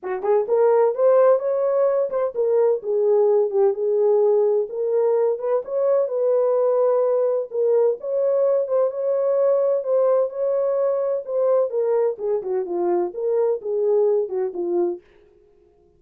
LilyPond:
\new Staff \with { instrumentName = "horn" } { \time 4/4 \tempo 4 = 128 fis'8 gis'8 ais'4 c''4 cis''4~ | cis''8 c''8 ais'4 gis'4. g'8 | gis'2 ais'4. b'8 | cis''4 b'2. |
ais'4 cis''4. c''8 cis''4~ | cis''4 c''4 cis''2 | c''4 ais'4 gis'8 fis'8 f'4 | ais'4 gis'4. fis'8 f'4 | }